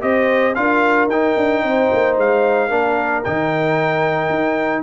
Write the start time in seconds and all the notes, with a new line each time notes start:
0.00 C4 G4 C5 D#5
0.54 D4 F4 A#4 F5
1.07 D#4 G5
1.36 D4
1.63 C4 C5
1.92 A#3
2.17 G#3 F5
2.68 A#3 D4 A#4
3.24 D#3 D#4 G5
4.29 D#4